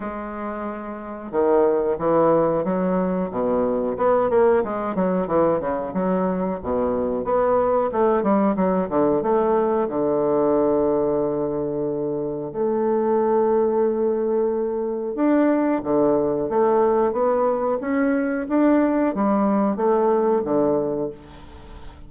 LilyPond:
\new Staff \with { instrumentName = "bassoon" } { \time 4/4 \tempo 4 = 91 gis2 dis4 e4 | fis4 b,4 b8 ais8 gis8 fis8 | e8 cis8 fis4 b,4 b4 | a8 g8 fis8 d8 a4 d4~ |
d2. a4~ | a2. d'4 | d4 a4 b4 cis'4 | d'4 g4 a4 d4 | }